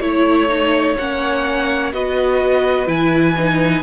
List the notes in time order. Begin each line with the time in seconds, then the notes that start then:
0.00 A3 E4 C#5
0.49 D#4
0.97 A#3 C#4 F#5
1.92 B3 F#4 B4 D#5
2.86 E3 E4 G#5
3.37 D#4